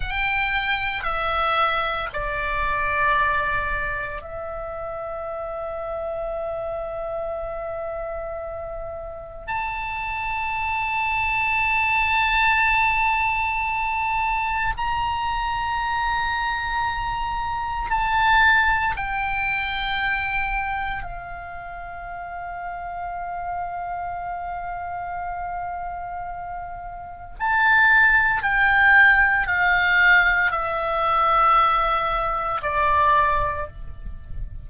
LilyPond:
\new Staff \with { instrumentName = "oboe" } { \time 4/4 \tempo 4 = 57 g''4 e''4 d''2 | e''1~ | e''4 a''2.~ | a''2 ais''2~ |
ais''4 a''4 g''2 | f''1~ | f''2 a''4 g''4 | f''4 e''2 d''4 | }